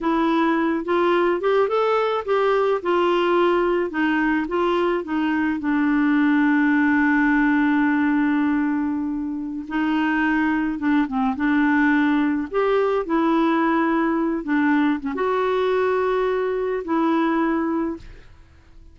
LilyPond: \new Staff \with { instrumentName = "clarinet" } { \time 4/4 \tempo 4 = 107 e'4. f'4 g'8 a'4 | g'4 f'2 dis'4 | f'4 dis'4 d'2~ | d'1~ |
d'4~ d'16 dis'2 d'8 c'16~ | c'16 d'2 g'4 e'8.~ | e'4.~ e'16 d'4 cis'16 fis'4~ | fis'2 e'2 | }